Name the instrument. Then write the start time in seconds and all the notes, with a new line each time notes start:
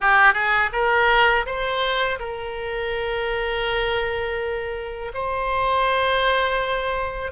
oboe
0.00 G4
0.33 G#4
0.72 A#4
1.45 C5
2.19 A#4
5.14 C5